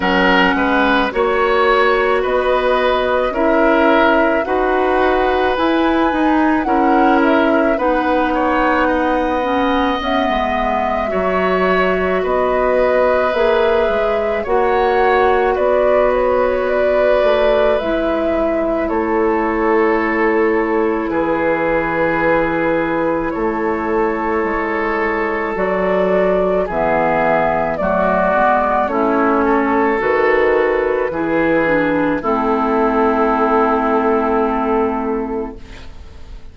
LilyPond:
<<
  \new Staff \with { instrumentName = "flute" } { \time 4/4 \tempo 4 = 54 fis''4 cis''4 dis''4 e''4 | fis''4 gis''4 fis''8 e''8 fis''4~ | fis''4 e''2 dis''4 | e''4 fis''4 d''8 cis''8 d''4 |
e''4 cis''2 b'4~ | b'4 cis''2 d''4 | e''4 d''4 cis''4 b'4~ | b'4 a'2. | }
  \new Staff \with { instrumentName = "oboe" } { \time 4/4 ais'8 b'8 cis''4 b'4 ais'4 | b'2 ais'4 b'8 cis''8 | dis''2 cis''4 b'4~ | b'4 cis''4 b'2~ |
b'4 a'2 gis'4~ | gis'4 a'2. | gis'4 fis'4 e'8 a'4. | gis'4 e'2. | }
  \new Staff \with { instrumentName = "clarinet" } { \time 4/4 cis'4 fis'2 e'4 | fis'4 e'8 dis'8 e'4 dis'4~ | dis'8 cis'8 b4 fis'2 | gis'4 fis'2. |
e'1~ | e'2. fis'4 | b4 a8 b8 cis'4 fis'4 | e'8 d'8 c'2. | }
  \new Staff \with { instrumentName = "bassoon" } { \time 4/4 fis8 gis8 ais4 b4 cis'4 | dis'4 e'8 dis'8 cis'4 b4~ | b4 cis'16 gis8. fis4 b4 | ais8 gis8 ais4 b4. a8 |
gis4 a2 e4~ | e4 a4 gis4 fis4 | e4 fis8 gis8 a4 dis4 | e4 a2. | }
>>